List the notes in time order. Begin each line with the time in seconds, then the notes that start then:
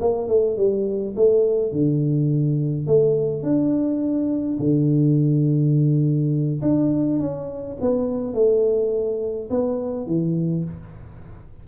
0.00 A#3
0.28 A3
0.57 G3
1.16 A3
1.72 D3
2.87 A3
3.42 D4
4.59 D3
6.62 D4
7.20 C#4
7.81 B3
8.34 A3
9.50 B3
10.06 E3